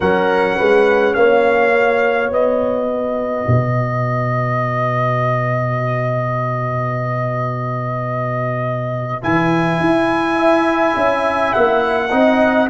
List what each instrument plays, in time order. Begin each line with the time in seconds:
0.00 tuba F#3, trombone C#4, horn A#4, trumpet F#5
0.57 tuba G#3, horn B4
1.14 tuba A#3, horn C#5, trumpet F5
1.73 trombone F#4
2.30 tuba B3, trumpet D#5
2.89 horn B4
3.47 tuba B2
9.22 tuba E3, trombone E4, trumpet G#5
9.79 tuba E4
10.35 horn E5
10.96 tuba C#4
11.52 tuba A#3, trumpet F#5
12.09 tuba C4, trombone D#4, horn D#5